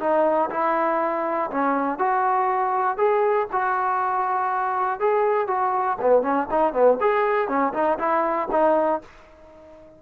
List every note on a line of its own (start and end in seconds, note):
0.00 0.50 D#4
0.50 1.50 E4
1.51 1.99 C#4
1.99 2.98 F#4
2.98 3.48 G#4
3.52 5.00 F#4
5.00 5.48 G#4
5.48 5.98 F#4
6.01 6.22 B3
6.22 6.47 C#4
6.51 6.73 D#4
6.73 6.98 B3
7.01 7.48 G#4
7.48 7.73 C#4
7.74 7.99 D#4
7.99 8.49 E4
8.52 9.02 D#4